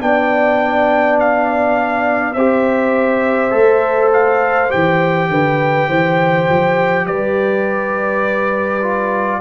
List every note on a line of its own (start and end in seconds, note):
0.00 2.36 B3
0.00 2.35 D4
0.00 2.34 D5
0.00 1.19 G5
1.20 2.33 F5
2.33 3.52 C4
2.33 3.50 G4
2.33 5.28 C5
2.33 4.10 E5
3.50 4.70 A3
3.50 4.68 A4
4.13 4.71 F5
4.69 5.29 E3
4.69 8.81 G4
4.69 7.06 G5
5.29 5.87 D3
5.29 5.88 B4
5.88 6.48 E3
5.88 7.06 C5
6.49 7.06 F3
7.06 9.41 G3
7.06 9.41 B4
7.06 9.41 D5
8.82 9.41 F4